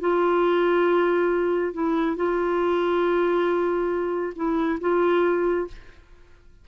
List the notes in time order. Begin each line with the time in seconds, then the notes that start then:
0.00 F4
1.73 E4
2.16 F4
4.35 E4
4.80 F4